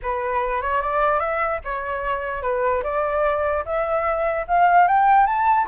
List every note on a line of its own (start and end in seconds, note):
0.02 0.61 B4
0.61 0.81 C#5
0.81 1.19 D5
1.19 1.60 E5
1.64 2.42 C#5
2.42 2.82 B4
2.83 3.64 D5
3.65 4.46 E5
4.47 4.87 F5
4.87 5.26 G5
5.26 5.66 A5